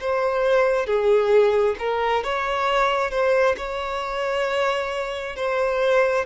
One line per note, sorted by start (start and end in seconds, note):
0.00 0.86 C5
0.86 1.75 G#4
1.78 2.23 A#4
2.23 3.10 C#5
3.10 3.55 C5
3.57 5.36 C#5
5.36 6.25 C5